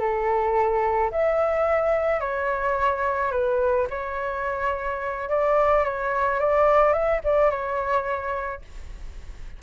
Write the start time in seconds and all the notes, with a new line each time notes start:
0.00 A4
1.12 E5
2.21 C#5
3.32 B4
3.91 C#5
5.30 D5
5.85 C#5
6.40 D5
6.93 E5
7.24 D5
7.51 C#5